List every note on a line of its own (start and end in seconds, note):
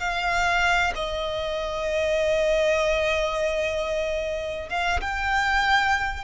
0.00 0.94 F5
0.95 4.70 D#5
4.70 5.01 F5
5.01 6.25 G5